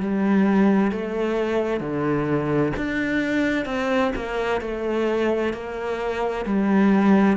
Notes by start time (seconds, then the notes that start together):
0.00 G3
0.91 A3
1.80 D3
2.77 D4
3.65 C4
4.16 A#3
4.61 A3
5.53 A#3
6.45 G3